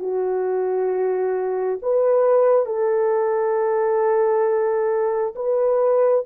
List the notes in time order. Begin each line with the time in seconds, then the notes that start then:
0.00 F#4
1.82 B4
2.66 A4
5.36 B4